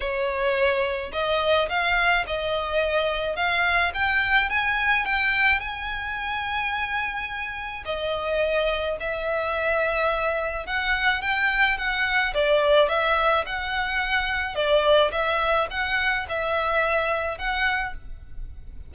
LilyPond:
\new Staff \with { instrumentName = "violin" } { \time 4/4 \tempo 4 = 107 cis''2 dis''4 f''4 | dis''2 f''4 g''4 | gis''4 g''4 gis''2~ | gis''2 dis''2 |
e''2. fis''4 | g''4 fis''4 d''4 e''4 | fis''2 d''4 e''4 | fis''4 e''2 fis''4 | }